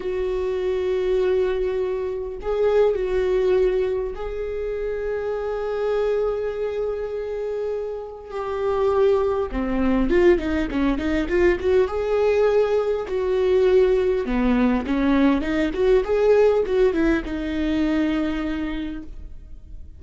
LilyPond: \new Staff \with { instrumentName = "viola" } { \time 4/4 \tempo 4 = 101 fis'1 | gis'4 fis'2 gis'4~ | gis'1~ | gis'2 g'2 |
c'4 f'8 dis'8 cis'8 dis'8 f'8 fis'8 | gis'2 fis'2 | b4 cis'4 dis'8 fis'8 gis'4 | fis'8 e'8 dis'2. | }